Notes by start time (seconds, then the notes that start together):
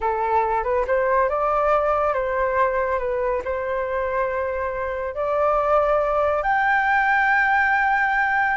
0.00 A4
0.63 B4
0.87 C5
1.29 D5
2.13 C5
2.99 B4
3.44 C5
5.14 D5
6.43 G5